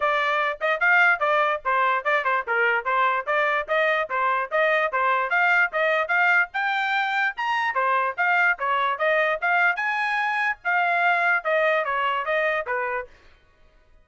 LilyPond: \new Staff \with { instrumentName = "trumpet" } { \time 4/4 \tempo 4 = 147 d''4. dis''8 f''4 d''4 | c''4 d''8 c''8 ais'4 c''4 | d''4 dis''4 c''4 dis''4 | c''4 f''4 dis''4 f''4 |
g''2 ais''4 c''4 | f''4 cis''4 dis''4 f''4 | gis''2 f''2 | dis''4 cis''4 dis''4 b'4 | }